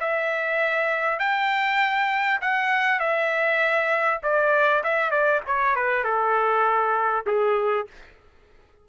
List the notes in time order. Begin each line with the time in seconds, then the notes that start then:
0.00 E5
1.19 G5
2.41 F#5
2.99 E5
4.23 D5
4.83 E5
5.10 D5
5.46 C#5
5.75 B4
6.04 A4
7.26 G#4